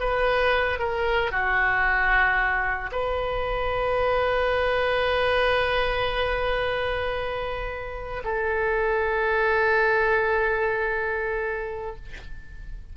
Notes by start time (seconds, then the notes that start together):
0.00 B4
0.79 A#4
1.32 F#4
2.92 B4
8.24 A4